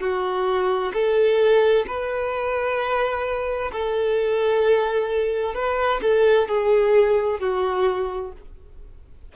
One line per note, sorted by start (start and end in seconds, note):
0.00 0.92 F#4
0.94 1.86 A4
1.87 3.72 B4
3.72 5.55 A4
5.55 6.01 B4
6.02 6.48 A4
6.48 7.40 G#4
7.40 8.32 F#4